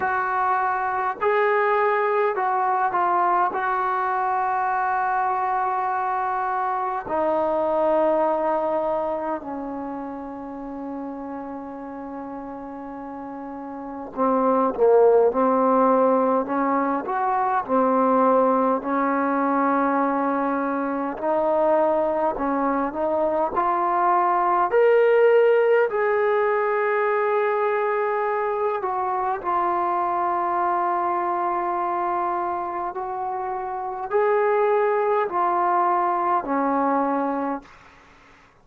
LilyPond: \new Staff \with { instrumentName = "trombone" } { \time 4/4 \tempo 4 = 51 fis'4 gis'4 fis'8 f'8 fis'4~ | fis'2 dis'2 | cis'1 | c'8 ais8 c'4 cis'8 fis'8 c'4 |
cis'2 dis'4 cis'8 dis'8 | f'4 ais'4 gis'2~ | gis'8 fis'8 f'2. | fis'4 gis'4 f'4 cis'4 | }